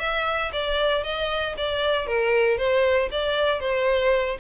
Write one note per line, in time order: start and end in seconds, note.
0.00 0.52 E5
0.53 1.04 D5
1.04 1.56 D#5
1.58 2.07 D5
2.07 2.58 A#4
2.58 3.10 C5
3.11 3.60 D5
3.60 4.38 C5